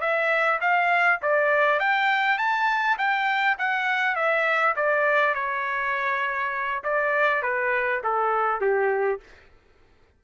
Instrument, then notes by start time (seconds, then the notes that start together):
trumpet
0.00 E5
0.60 F5
1.22 D5
1.79 G5
2.38 A5
2.98 G5
3.58 F#5
4.15 E5
4.76 D5
5.34 C#5
6.83 D5
7.42 B4
8.03 A4
8.60 G4